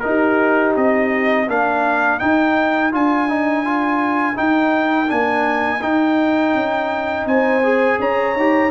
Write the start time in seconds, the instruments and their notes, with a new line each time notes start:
0.00 trombone D#4, tuba D#4, trumpet A#4
0.07 horn G4
0.76 tuba C4, trumpet D#5
1.48 tuba A#3, trombone D4, horn A#4, trumpet F5
2.19 trombone D#4, tuba D#4, trumpet G5
2.92 tuba D4, trombone F4, trumpet G#5
3.29 trombone D#4
3.65 trombone F4
4.35 trombone D#4, tuba D#4, trumpet G5
5.08 tuba A#3, trombone D4, trumpet G#5
5.82 trombone D#4, tuba D#4, trumpet G5
6.54 tuba C#4
7.26 tuba C4, horn C5, trumpet G#5
7.63 trombone G#4
8.00 tuba C#4, horn C#5, trumpet A#5
8.36 tuba D#4, trombone G4